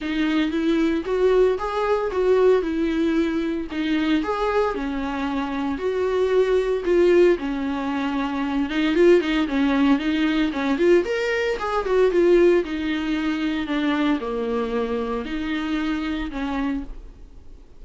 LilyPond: \new Staff \with { instrumentName = "viola" } { \time 4/4 \tempo 4 = 114 dis'4 e'4 fis'4 gis'4 | fis'4 e'2 dis'4 | gis'4 cis'2 fis'4~ | fis'4 f'4 cis'2~ |
cis'8 dis'8 f'8 dis'8 cis'4 dis'4 | cis'8 f'8 ais'4 gis'8 fis'8 f'4 | dis'2 d'4 ais4~ | ais4 dis'2 cis'4 | }